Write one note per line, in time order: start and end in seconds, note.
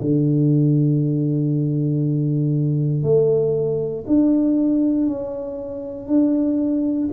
0.00 3.03 D3
3.03 4.04 A3
4.07 5.07 D4
5.07 6.07 C#4
6.07 7.09 D4